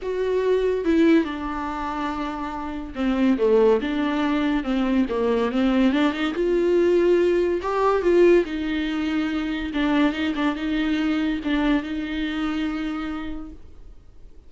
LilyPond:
\new Staff \with { instrumentName = "viola" } { \time 4/4 \tempo 4 = 142 fis'2 e'4 d'4~ | d'2. c'4 | a4 d'2 c'4 | ais4 c'4 d'8 dis'8 f'4~ |
f'2 g'4 f'4 | dis'2. d'4 | dis'8 d'8 dis'2 d'4 | dis'1 | }